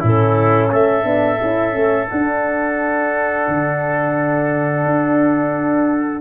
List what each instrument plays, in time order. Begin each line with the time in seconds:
0.00 tuba A2, horn C#4, trumpet E4, clarinet A4
0.71 tuba A3, trumpet A4, clarinet E5
1.04 tuba B3, horn D4
1.41 tuba C#4, horn E4
1.72 tuba A3, horn C#4
2.08 horn D4, tuba D4, clarinet F#5
3.48 tuba D3
4.85 tuba D4